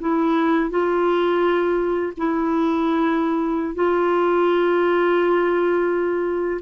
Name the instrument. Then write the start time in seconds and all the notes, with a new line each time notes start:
clarinet
0.00 E4
0.70 F4
2.18 E4
3.75 F4